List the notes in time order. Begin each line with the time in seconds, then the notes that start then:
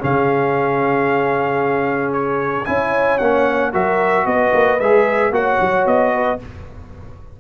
0.00 C#3 C#4 G#4 F5
2.13 C#5
2.65 C#4 E4 C#5 G#5
3.18 A#3 C#4 F#5
3.72 F#3 F#4 A#4 E5
4.26 B3 B4 D#5
4.54 A#3
4.80 G#3 G#4 E5
5.31 A#3 F#4 C#5 F#5
5.60 F#3
5.86 B3 D#5
6.14 B4